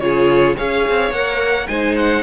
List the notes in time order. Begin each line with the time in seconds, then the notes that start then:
0.00 C#3 F4 G#4 C#5
0.57 C#4 G#4 C#5 F5
0.89 C4
1.11 A#3 A#4 F#5
1.67 G#3 D#4 C5 G#5
1.97 F#5